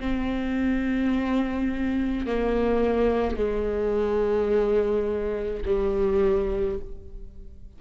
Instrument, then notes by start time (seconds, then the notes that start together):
viola
0.00 C4
2.26 A#3
3.37 G#3
5.66 G3